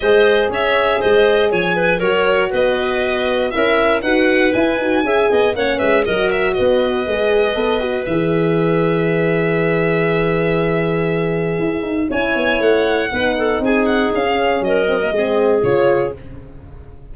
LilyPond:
<<
  \new Staff \with { instrumentName = "violin" } { \time 4/4 \tempo 4 = 119 dis''4 e''4 dis''4 gis''4 | cis''4 dis''2 e''4 | fis''4 gis''2 fis''8 e''8 | dis''8 e''8 dis''2. |
e''1~ | e''1 | gis''4 fis''2 gis''8 fis''8 | f''4 dis''2 cis''4 | }
  \new Staff \with { instrumentName = "clarinet" } { \time 4/4 c''4 cis''4 c''4 cis''8 b'8 | ais'4 b'2 ais'4 | b'2 e''8 dis''8 cis''8 b'8 | ais'4 b'2.~ |
b'1~ | b'1 | cis''2 b'8 a'8 gis'4~ | gis'4 ais'4 gis'2 | }
  \new Staff \with { instrumentName = "horn" } { \time 4/4 gis'1 | fis'2. e'4 | fis'4 e'8 fis'8 gis'4 cis'4 | fis'2 gis'4 a'8 fis'8 |
gis'1~ | gis'1 | e'2 dis'2~ | dis'16 cis'4~ cis'16 c'16 ais16 c'4 f'4 | }
  \new Staff \with { instrumentName = "tuba" } { \time 4/4 gis4 cis'4 gis4 f4 | fis4 b2 cis'4 | dis'4 e'8 dis'8 cis'8 b8 ais8 gis8 | fis4 b4 gis4 b4 |
e1~ | e2. e'8 dis'8 | cis'8 b8 a4 b4 c'4 | cis'4 fis4 gis4 cis4 | }
>>